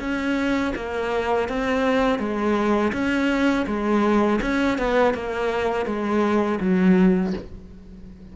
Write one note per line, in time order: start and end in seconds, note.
0.00 0.73 C#4
0.75 1.49 A#3
1.49 2.19 C4
2.19 2.92 G#3
2.93 3.66 C#4
3.67 4.40 G#3
4.42 4.78 C#4
4.78 5.14 B3
5.14 5.86 A#3
5.86 6.59 G#3
6.61 7.34 F#3